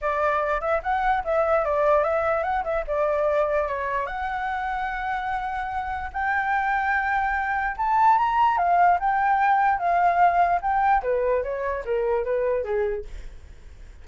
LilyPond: \new Staff \with { instrumentName = "flute" } { \time 4/4 \tempo 4 = 147 d''4. e''8 fis''4 e''4 | d''4 e''4 fis''8 e''8 d''4~ | d''4 cis''4 fis''2~ | fis''2. g''4~ |
g''2. a''4 | ais''4 f''4 g''2 | f''2 g''4 b'4 | cis''4 ais'4 b'4 gis'4 | }